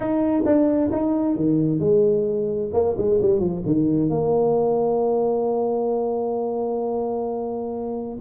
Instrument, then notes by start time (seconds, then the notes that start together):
tuba
0.00 D#4
0.45 D4
0.91 D#4
1.36 D#3
1.79 G#3
2.73 A#3
2.97 G#3
3.21 G3
3.39 F3
3.65 D#3
4.09 A#3